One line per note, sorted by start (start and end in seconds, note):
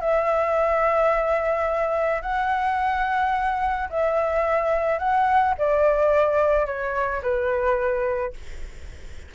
0.00 2.22 E5
2.22 3.89 F#5
3.90 4.99 E5
4.99 5.55 F#5
5.58 6.66 D5
6.66 7.22 C#5
7.23 8.34 B4